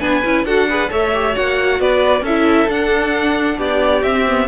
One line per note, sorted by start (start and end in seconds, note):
0.00 0.23 B3
0.00 0.23 D4
0.00 0.46 B4
0.00 0.45 G#5
0.24 0.44 C#4
0.24 0.46 E4
0.44 0.89 D4
0.44 0.69 F#4
0.44 0.68 A4
0.44 0.90 F#5
0.69 0.89 G#4
0.69 0.90 B4
0.89 1.36 A3
0.89 1.11 A4
0.89 1.80 C#5
0.89 1.36 E5
1.14 1.32 G4
1.32 1.79 A#3
1.32 2.22 F#4
1.32 1.80 F#5
1.79 2.21 B3
1.79 2.23 B4
1.79 2.25 D5
2.21 2.66 C#4
2.21 3.57 A4
2.21 2.70 E5
2.28 2.68 E4
2.68 3.57 D4
2.68 4.02 D4
2.68 3.59 F#5
3.57 4.03 B3
3.57 4.47 G4
3.57 4.03 D5
4.03 4.48 C4
4.03 4.26 C4
4.03 4.48 E5
4.28 4.48 B3